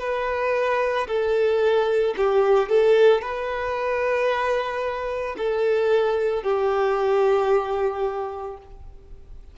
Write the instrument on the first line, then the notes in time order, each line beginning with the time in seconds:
violin
0.00 B4
1.08 A4
2.17 G4
2.69 A4
3.22 B4
5.38 A4
6.43 G4